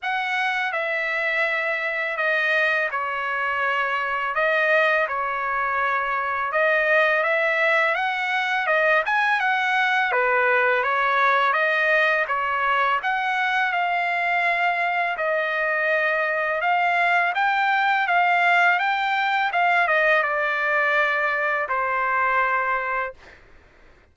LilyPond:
\new Staff \with { instrumentName = "trumpet" } { \time 4/4 \tempo 4 = 83 fis''4 e''2 dis''4 | cis''2 dis''4 cis''4~ | cis''4 dis''4 e''4 fis''4 | dis''8 gis''8 fis''4 b'4 cis''4 |
dis''4 cis''4 fis''4 f''4~ | f''4 dis''2 f''4 | g''4 f''4 g''4 f''8 dis''8 | d''2 c''2 | }